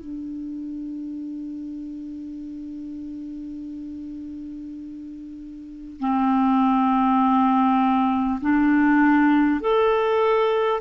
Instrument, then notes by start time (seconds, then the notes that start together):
clarinet
0.00 D4
6.00 C4
8.42 D4
9.61 A4